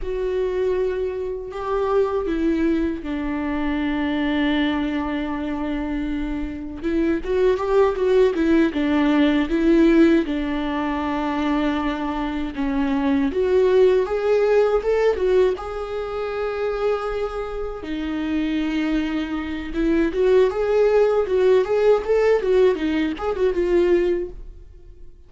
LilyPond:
\new Staff \with { instrumentName = "viola" } { \time 4/4 \tempo 4 = 79 fis'2 g'4 e'4 | d'1~ | d'4 e'8 fis'8 g'8 fis'8 e'8 d'8~ | d'8 e'4 d'2~ d'8~ |
d'8 cis'4 fis'4 gis'4 a'8 | fis'8 gis'2. dis'8~ | dis'2 e'8 fis'8 gis'4 | fis'8 gis'8 a'8 fis'8 dis'8 gis'16 fis'16 f'4 | }